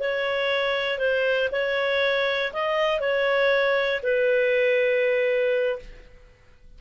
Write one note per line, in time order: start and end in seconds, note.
0.00 0.99 C#5
0.99 1.49 C5
1.52 2.53 C#5
2.53 3.00 D#5
3.00 4.01 C#5
4.03 5.79 B4